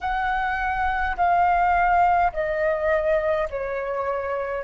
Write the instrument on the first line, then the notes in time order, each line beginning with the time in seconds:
flute
0.01 F#5
1.16 F5
2.32 D#5
3.49 C#5